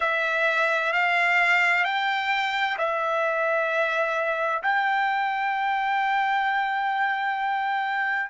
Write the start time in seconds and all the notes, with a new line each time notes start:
0.00 E5
0.92 F5
1.84 G5
2.77 E5
4.62 G5